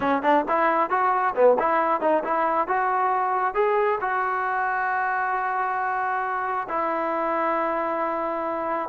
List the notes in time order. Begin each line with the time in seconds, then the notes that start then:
0.00 C#4
0.22 D4
0.48 E4
0.90 F#4
1.35 B3
1.59 E4
2.01 D#4
2.24 E4
2.67 F#4
3.54 G#4
4.01 F#4
6.68 E4